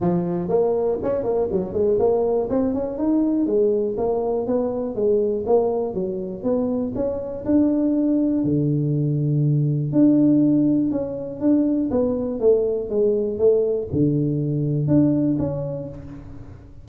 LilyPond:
\new Staff \with { instrumentName = "tuba" } { \time 4/4 \tempo 4 = 121 f4 ais4 cis'8 ais8 fis8 gis8 | ais4 c'8 cis'8 dis'4 gis4 | ais4 b4 gis4 ais4 | fis4 b4 cis'4 d'4~ |
d'4 d2. | d'2 cis'4 d'4 | b4 a4 gis4 a4 | d2 d'4 cis'4 | }